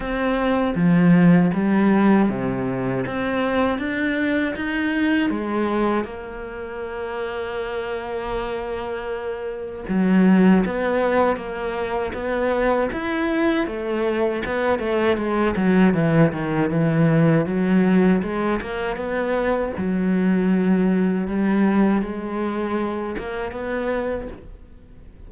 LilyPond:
\new Staff \with { instrumentName = "cello" } { \time 4/4 \tempo 4 = 79 c'4 f4 g4 c4 | c'4 d'4 dis'4 gis4 | ais1~ | ais4 fis4 b4 ais4 |
b4 e'4 a4 b8 a8 | gis8 fis8 e8 dis8 e4 fis4 | gis8 ais8 b4 fis2 | g4 gis4. ais8 b4 | }